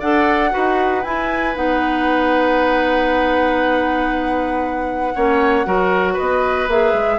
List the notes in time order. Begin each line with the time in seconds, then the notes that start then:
0.00 D4 A4 D5 F#5
0.51 D#4 F#4 B4
1.04 E4 G#5
1.55 B3 D#4 F#5
5.15 A#3 C#4 C#5
5.65 F#3 F#4 A#4
6.13 B4 D#5
6.20 B3
6.68 A#3 G#4 E5
6.93 G#3